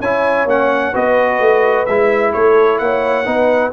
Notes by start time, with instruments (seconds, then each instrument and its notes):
0.00 tuba C#4, trombone E4, horn C#5, trumpet G#5
0.46 tuba A#3, trombone C#4, trumpet F#5
0.92 tuba B3, trombone F#4, horn B4, trumpet D#5
1.40 tuba A3
1.86 tuba G#3, trombone E4, trumpet E5
2.33 tuba A3, horn A4, trumpet C#5
2.79 tuba A#3, horn C#5, trumpet F#5
3.25 tuba B3, trombone D#4, horn B4